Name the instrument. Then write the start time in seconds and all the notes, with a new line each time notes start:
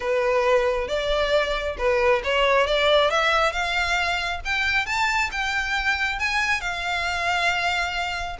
violin
0.00 B4
0.88 D5
1.77 B4
2.24 C#5
2.67 D5
3.10 E5
3.52 F5
4.44 G5
4.86 A5
5.31 G5
6.19 G#5
6.60 F5